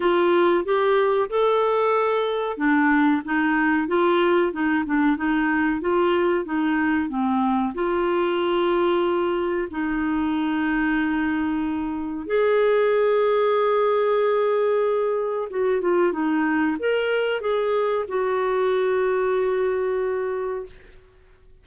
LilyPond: \new Staff \with { instrumentName = "clarinet" } { \time 4/4 \tempo 4 = 93 f'4 g'4 a'2 | d'4 dis'4 f'4 dis'8 d'8 | dis'4 f'4 dis'4 c'4 | f'2. dis'4~ |
dis'2. gis'4~ | gis'1 | fis'8 f'8 dis'4 ais'4 gis'4 | fis'1 | }